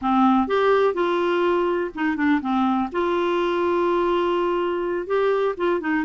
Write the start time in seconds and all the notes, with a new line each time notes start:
0.01 C4
0.47 G4
0.94 F4
1.95 D#4
2.16 D4
2.41 C4
2.92 F4
5.06 G4
5.57 F4
5.80 D#4